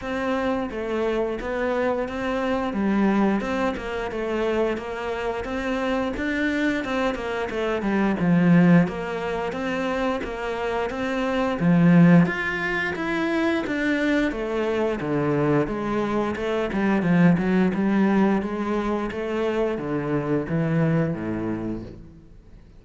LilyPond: \new Staff \with { instrumentName = "cello" } { \time 4/4 \tempo 4 = 88 c'4 a4 b4 c'4 | g4 c'8 ais8 a4 ais4 | c'4 d'4 c'8 ais8 a8 g8 | f4 ais4 c'4 ais4 |
c'4 f4 f'4 e'4 | d'4 a4 d4 gis4 | a8 g8 f8 fis8 g4 gis4 | a4 d4 e4 a,4 | }